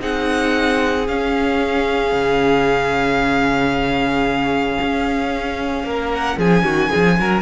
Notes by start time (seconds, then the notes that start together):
0.00 C4 D#4 G#4 F#5
1.08 C#4 F5
2.12 C#3
4.81 C#4
5.84 A#3 A#4
6.12 F#5
6.37 F3 G#4 G#5
6.63 D#3 F#4
6.90 F3 G#4
7.19 F#3 A#4